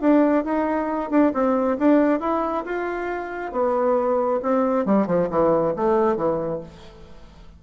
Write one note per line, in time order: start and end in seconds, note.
0.00 0.44 D4
0.44 1.10 D#4
1.10 1.32 D4
1.33 1.77 C4
1.78 2.20 D4
2.20 2.64 E4
2.64 3.52 F4
3.52 4.40 B3
4.42 4.85 C4
4.85 5.06 G3
5.06 5.28 F3
5.29 5.74 E3
5.76 6.16 A3
6.16 6.60 E3